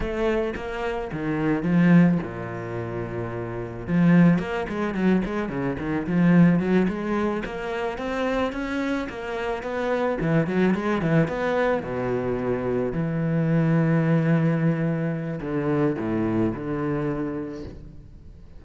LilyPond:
\new Staff \with { instrumentName = "cello" } { \time 4/4 \tempo 4 = 109 a4 ais4 dis4 f4 | ais,2. f4 | ais8 gis8 fis8 gis8 cis8 dis8 f4 | fis8 gis4 ais4 c'4 cis'8~ |
cis'8 ais4 b4 e8 fis8 gis8 | e8 b4 b,2 e8~ | e1 | d4 a,4 d2 | }